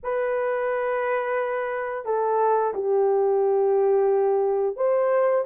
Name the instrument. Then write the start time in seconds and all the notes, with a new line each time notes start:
horn
0.03 B4
2.05 A4
2.73 G4
4.76 C5